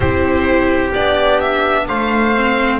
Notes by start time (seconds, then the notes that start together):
0.00 C4 E4 G4 C5
0.94 B3 D4 D5
1.40 E5
1.87 A3 C5 F5
2.34 C4